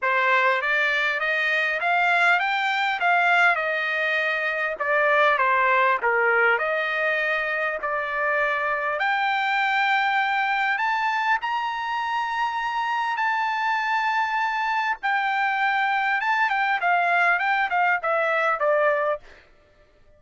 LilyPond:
\new Staff \with { instrumentName = "trumpet" } { \time 4/4 \tempo 4 = 100 c''4 d''4 dis''4 f''4 | g''4 f''4 dis''2 | d''4 c''4 ais'4 dis''4~ | dis''4 d''2 g''4~ |
g''2 a''4 ais''4~ | ais''2 a''2~ | a''4 g''2 a''8 g''8 | f''4 g''8 f''8 e''4 d''4 | }